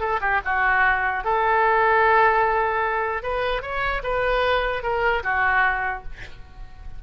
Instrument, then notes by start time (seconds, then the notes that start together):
oboe
0.00 A4
0.21 G4
0.45 F#4
1.24 A4
3.23 B4
3.62 C#5
4.03 B4
4.83 A#4
5.23 F#4